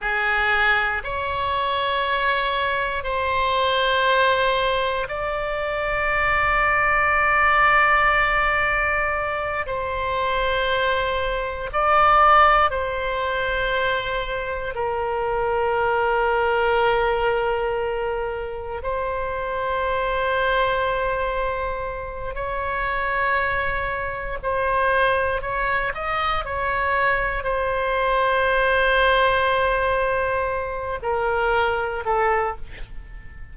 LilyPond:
\new Staff \with { instrumentName = "oboe" } { \time 4/4 \tempo 4 = 59 gis'4 cis''2 c''4~ | c''4 d''2.~ | d''4. c''2 d''8~ | d''8 c''2 ais'4.~ |
ais'2~ ais'8 c''4.~ | c''2 cis''2 | c''4 cis''8 dis''8 cis''4 c''4~ | c''2~ c''8 ais'4 a'8 | }